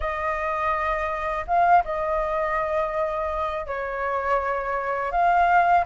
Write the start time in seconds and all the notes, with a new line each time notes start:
0.00 D#5
1.47 F5
1.84 D#5
3.66 C#5
5.11 F5